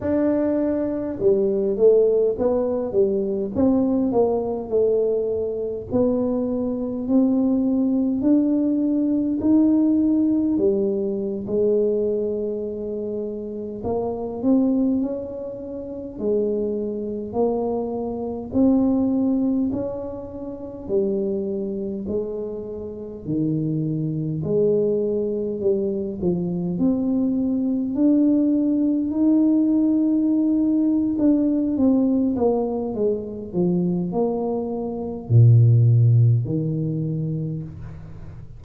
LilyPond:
\new Staff \with { instrumentName = "tuba" } { \time 4/4 \tempo 4 = 51 d'4 g8 a8 b8 g8 c'8 ais8 | a4 b4 c'4 d'4 | dis'4 g8. gis2 ais16~ | ais16 c'8 cis'4 gis4 ais4 c'16~ |
c'8. cis'4 g4 gis4 dis16~ | dis8. gis4 g8 f8 c'4 d'16~ | d'8. dis'4.~ dis'16 d'8 c'8 ais8 | gis8 f8 ais4 ais,4 dis4 | }